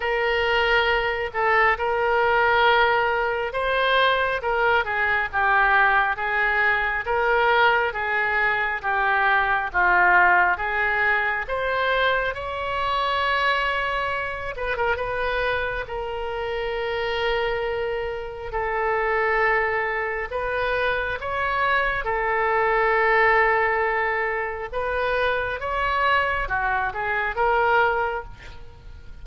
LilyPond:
\new Staff \with { instrumentName = "oboe" } { \time 4/4 \tempo 4 = 68 ais'4. a'8 ais'2 | c''4 ais'8 gis'8 g'4 gis'4 | ais'4 gis'4 g'4 f'4 | gis'4 c''4 cis''2~ |
cis''8 b'16 ais'16 b'4 ais'2~ | ais'4 a'2 b'4 | cis''4 a'2. | b'4 cis''4 fis'8 gis'8 ais'4 | }